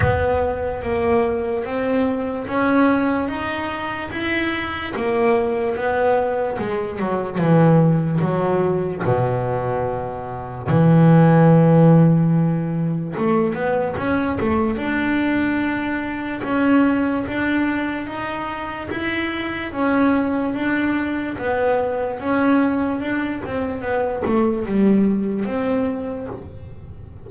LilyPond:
\new Staff \with { instrumentName = "double bass" } { \time 4/4 \tempo 4 = 73 b4 ais4 c'4 cis'4 | dis'4 e'4 ais4 b4 | gis8 fis8 e4 fis4 b,4~ | b,4 e2. |
a8 b8 cis'8 a8 d'2 | cis'4 d'4 dis'4 e'4 | cis'4 d'4 b4 cis'4 | d'8 c'8 b8 a8 g4 c'4 | }